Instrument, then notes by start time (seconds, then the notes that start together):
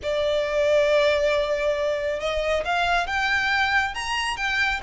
violin
0.02 D5
2.20 D#5
2.64 F5
3.07 G5
3.94 A#5
4.36 G5